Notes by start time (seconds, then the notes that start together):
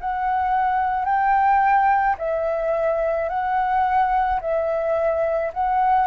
0.00 F#5
1.05 G5
2.18 E5
3.29 F#5
4.40 E5
5.53 F#5